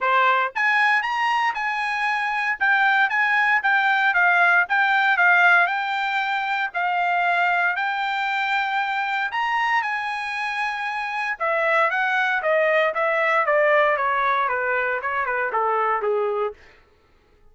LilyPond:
\new Staff \with { instrumentName = "trumpet" } { \time 4/4 \tempo 4 = 116 c''4 gis''4 ais''4 gis''4~ | gis''4 g''4 gis''4 g''4 | f''4 g''4 f''4 g''4~ | g''4 f''2 g''4~ |
g''2 ais''4 gis''4~ | gis''2 e''4 fis''4 | dis''4 e''4 d''4 cis''4 | b'4 cis''8 b'8 a'4 gis'4 | }